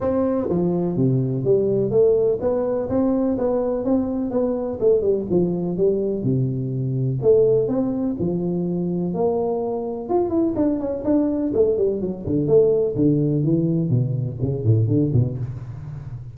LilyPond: \new Staff \with { instrumentName = "tuba" } { \time 4/4 \tempo 4 = 125 c'4 f4 c4 g4 | a4 b4 c'4 b4 | c'4 b4 a8 g8 f4 | g4 c2 a4 |
c'4 f2 ais4~ | ais4 f'8 e'8 d'8 cis'8 d'4 | a8 g8 fis8 d8 a4 d4 | e4 b,4 cis8 a,8 d8 b,8 | }